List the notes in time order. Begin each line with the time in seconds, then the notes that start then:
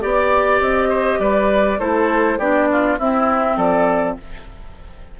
0.00 B3 G4 D5
0.60 C4 D#5
0.89 C5
1.19 G3 B4 D5
1.79 A3 E4 A4 C5
2.38 B3 D4 G4 D5
2.72 F4
2.98 C4 E4 E5
3.56 F3 A4 D5